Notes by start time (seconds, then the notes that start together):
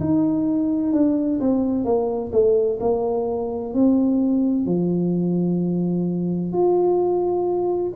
0.00 D#4
0.93 D4
1.41 C4
1.85 A#3
2.33 A3
2.80 A#3
3.74 C4
4.66 F3
6.53 F4